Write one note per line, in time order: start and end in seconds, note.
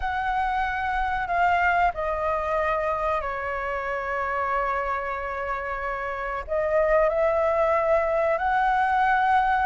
0.00 1.27 F#5
1.27 1.91 F5
1.94 3.21 D#5
3.21 6.43 C#5
6.47 7.09 D#5
7.09 8.38 E5
8.38 9.66 F#5